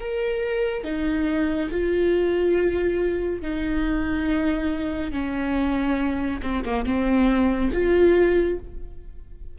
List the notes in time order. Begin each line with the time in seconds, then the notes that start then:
0.00 A#4
0.84 D#4
1.71 F4
3.42 D#4
5.12 C#4
6.42 C4
6.65 A#3
6.85 C4
7.73 F4